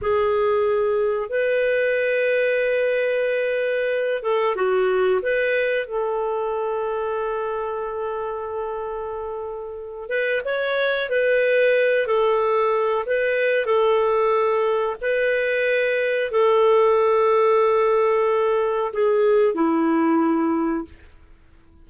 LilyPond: \new Staff \with { instrumentName = "clarinet" } { \time 4/4 \tempo 4 = 92 gis'2 b'2~ | b'2~ b'8 a'8 fis'4 | b'4 a'2.~ | a'2.~ a'8 b'8 |
cis''4 b'4. a'4. | b'4 a'2 b'4~ | b'4 a'2.~ | a'4 gis'4 e'2 | }